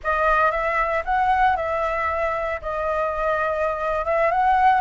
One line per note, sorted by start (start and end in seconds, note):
0.03 0.51 D#5
0.51 1.03 E5
1.04 1.56 F#5
1.56 2.60 E5
2.61 4.05 D#5
4.05 4.31 E5
4.31 4.80 F#5